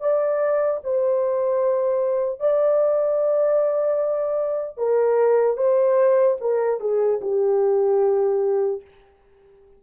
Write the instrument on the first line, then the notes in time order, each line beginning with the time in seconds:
horn
0.00 D5
0.84 C5
2.40 D5
4.77 A#4
5.57 C5
6.41 A#4
6.80 G#4
7.21 G4